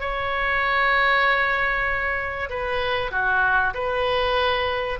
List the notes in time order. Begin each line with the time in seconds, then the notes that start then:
0.00 C#5
2.49 B4
3.11 F#4
3.74 B4